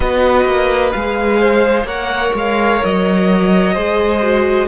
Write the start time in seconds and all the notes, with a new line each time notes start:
0.00 B3 F#4 B4 D#5
0.45 A#3
0.92 G#3 G#4 F5
1.40 C5
1.84 A#3 A#4 C#5 F#5
2.34 G#3 F5
2.84 F#3 D#5
3.73 G#3 G#4 C5
4.22 F#4